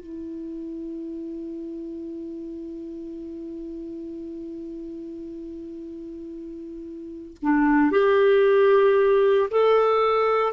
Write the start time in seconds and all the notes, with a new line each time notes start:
0.00 E4
7.42 D4
7.91 G4
9.50 A4